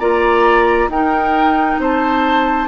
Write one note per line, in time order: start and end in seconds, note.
0.00 0.88 A#3
0.00 0.90 F4
0.00 0.90 D5
0.00 0.90 A#5
0.88 1.78 D#4
0.88 2.68 D#4
0.88 1.81 A#4
0.88 1.80 G5
1.79 2.68 C4
1.79 2.68 C5
1.79 2.68 A5